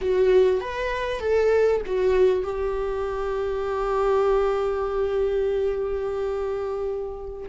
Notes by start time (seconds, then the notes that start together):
0.01 F#4
0.60 B4
1.19 A4
1.86 F#4
2.43 G4